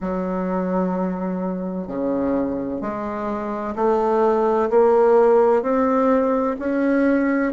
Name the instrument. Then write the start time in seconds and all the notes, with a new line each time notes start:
bassoon
0.00 F#3
1.87 C#3
2.81 G#3
3.75 A3
4.70 A#3
5.62 C4
6.59 C#4